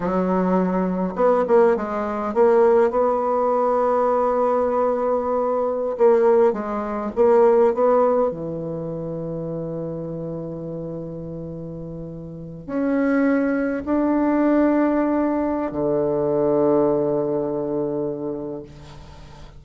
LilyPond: \new Staff \with { instrumentName = "bassoon" } { \time 4/4 \tempo 4 = 103 fis2 b8 ais8 gis4 | ais4 b2.~ | b2~ b16 ais4 gis8.~ | gis16 ais4 b4 e4.~ e16~ |
e1~ | e4.~ e16 cis'2 d'16~ | d'2. d4~ | d1 | }